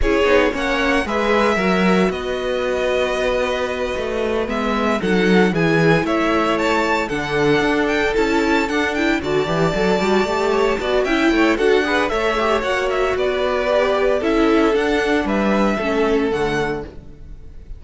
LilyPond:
<<
  \new Staff \with { instrumentName = "violin" } { \time 4/4 \tempo 4 = 114 cis''4 fis''4 e''2 | dis''1~ | dis''8 e''4 fis''4 gis''4 e''8~ | e''8 a''4 fis''4. g''8 a''8~ |
a''8 fis''8 g''8 a''2~ a''8~ | a''4 g''4 fis''4 e''4 | fis''8 e''8 d''2 e''4 | fis''4 e''2 fis''4 | }
  \new Staff \with { instrumentName = "violin" } { \time 4/4 gis'4 cis''4 b'4 ais'4 | b'1~ | b'4. a'4 gis'4 cis''8~ | cis''4. a'2~ a'8~ |
a'4. d''2~ d''8 | cis''8 d''8 e''8 cis''8 a'8 b'8 cis''4~ | cis''4 b'2 a'4~ | a'4 b'4 a'2 | }
  \new Staff \with { instrumentName = "viola" } { \time 4/4 e'8 dis'8 cis'4 gis'4 fis'4~ | fis'1~ | fis'8 b4 dis'4 e'4.~ | e'4. d'2 e'8~ |
e'8 d'8 e'8 fis'8 g'8 a'8 fis'8 g'8~ | g'8 fis'8 e'4 fis'8 gis'8 a'8 g'8 | fis'2 g'4 e'4 | d'2 cis'4 a4 | }
  \new Staff \with { instrumentName = "cello" } { \time 4/4 cis'8 b8 ais4 gis4 fis4 | b2.~ b8 a8~ | a8 gis4 fis4 e4 a8~ | a4. d4 d'4 cis'8~ |
cis'8 d'4 d8 e8 fis8 g8 a8~ | a8 b8 cis'8 a8 d'4 a4 | ais4 b2 cis'4 | d'4 g4 a4 d4 | }
>>